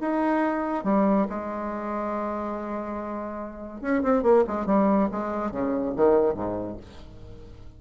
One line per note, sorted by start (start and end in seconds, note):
0.00 0.84 D#4
0.84 1.26 G3
1.29 3.81 G#3
3.81 4.02 C#4
4.03 4.22 C4
4.22 4.44 A#3
4.47 4.66 G#3
4.66 5.08 G3
5.11 5.51 G#3
5.51 5.93 C#3
5.96 6.34 D#3
6.34 6.76 G#2